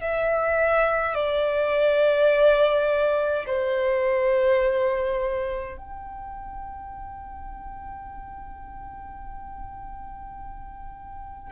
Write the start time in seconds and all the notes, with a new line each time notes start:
0.00 E5
1.14 D5
3.46 C5
5.77 G5